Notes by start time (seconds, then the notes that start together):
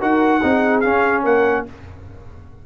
0.00 D#4 F#4 A#4 F#5
0.43 C4 D#4 G#4
0.81 C#4 F5
1.23 A#3 A#4 F#5